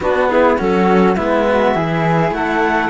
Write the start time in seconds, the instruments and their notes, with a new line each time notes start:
0.00 cello B3, flute D4, clarinet F#4
0.28 flute E4, clarinet G#4
0.57 cello F#3 C#4, flute F#4, clarinet A4
1.15 cello G#3 B3, flute E4, clarinet E5
1.48 flute F#4
1.74 cello E3 E4, flute G#4
2.31 cello A3, flute A4, clarinet F#5